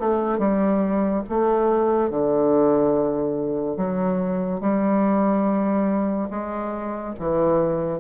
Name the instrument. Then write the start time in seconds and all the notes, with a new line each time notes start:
bassoon
0.00 A3
0.39 G3
1.29 A3
2.10 D3
3.77 F#3
4.61 G3
6.30 G#3
7.19 E3